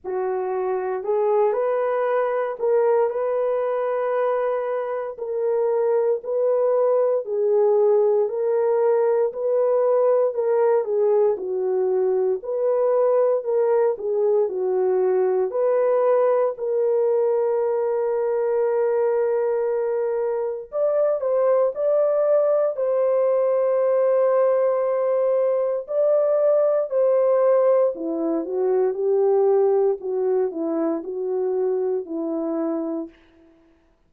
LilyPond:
\new Staff \with { instrumentName = "horn" } { \time 4/4 \tempo 4 = 58 fis'4 gis'8 b'4 ais'8 b'4~ | b'4 ais'4 b'4 gis'4 | ais'4 b'4 ais'8 gis'8 fis'4 | b'4 ais'8 gis'8 fis'4 b'4 |
ais'1 | d''8 c''8 d''4 c''2~ | c''4 d''4 c''4 e'8 fis'8 | g'4 fis'8 e'8 fis'4 e'4 | }